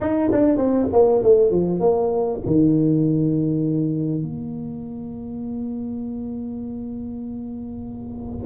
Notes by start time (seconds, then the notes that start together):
0.00 D#4
0.32 D4
0.57 C4
0.92 A#3
1.22 A3
1.50 F3
1.79 A#3
2.45 D#3
4.22 A#3